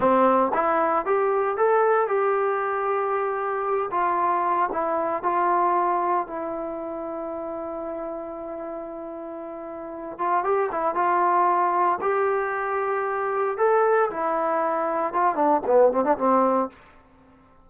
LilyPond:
\new Staff \with { instrumentName = "trombone" } { \time 4/4 \tempo 4 = 115 c'4 e'4 g'4 a'4 | g'2.~ g'8 f'8~ | f'4 e'4 f'2 | e'1~ |
e'2.~ e'8 f'8 | g'8 e'8 f'2 g'4~ | g'2 a'4 e'4~ | e'4 f'8 d'8 b8 c'16 d'16 c'4 | }